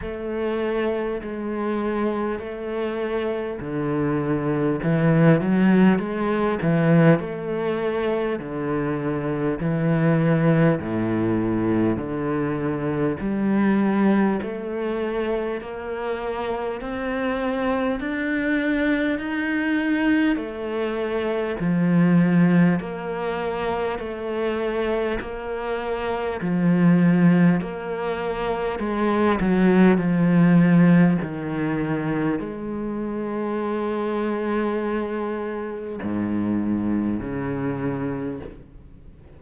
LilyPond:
\new Staff \with { instrumentName = "cello" } { \time 4/4 \tempo 4 = 50 a4 gis4 a4 d4 | e8 fis8 gis8 e8 a4 d4 | e4 a,4 d4 g4 | a4 ais4 c'4 d'4 |
dis'4 a4 f4 ais4 | a4 ais4 f4 ais4 | gis8 fis8 f4 dis4 gis4~ | gis2 gis,4 cis4 | }